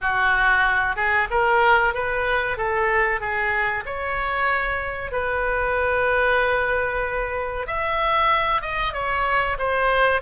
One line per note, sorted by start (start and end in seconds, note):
0.01 0.96 F#4
0.96 1.28 G#4
1.30 1.94 A#4
1.94 2.57 B4
2.57 3.20 A4
3.20 3.84 G#4
3.85 5.11 C#5
5.11 7.66 B4
7.66 8.61 E5
8.61 8.93 D#5
8.93 9.57 C#5
9.58 10.21 C5